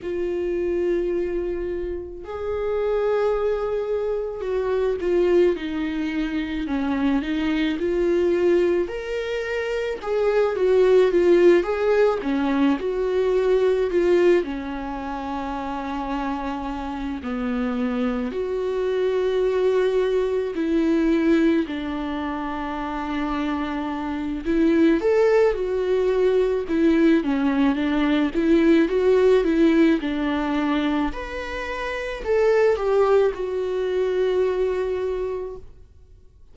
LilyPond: \new Staff \with { instrumentName = "viola" } { \time 4/4 \tempo 4 = 54 f'2 gis'2 | fis'8 f'8 dis'4 cis'8 dis'8 f'4 | ais'4 gis'8 fis'8 f'8 gis'8 cis'8 fis'8~ | fis'8 f'8 cis'2~ cis'8 b8~ |
b8 fis'2 e'4 d'8~ | d'2 e'8 a'8 fis'4 | e'8 cis'8 d'8 e'8 fis'8 e'8 d'4 | b'4 a'8 g'8 fis'2 | }